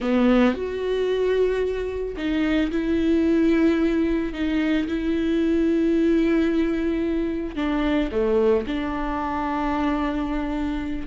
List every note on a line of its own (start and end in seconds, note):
0.00 0.54 B3
0.54 2.16 F#4
2.16 2.70 D#4
2.71 4.33 E4
4.33 4.87 D#4
4.87 7.55 E4
7.55 8.09 D4
8.11 8.65 A3
8.67 11.07 D4